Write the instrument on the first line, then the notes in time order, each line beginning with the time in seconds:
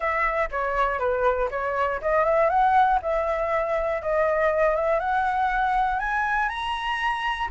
flute
0.00 E5
0.51 C#5
0.99 B4
1.50 C#5
2.01 D#5
2.24 E5
2.49 F#5
3.02 E5
4.01 D#5
4.75 E5
4.99 F#5
5.99 G#5
6.48 A#5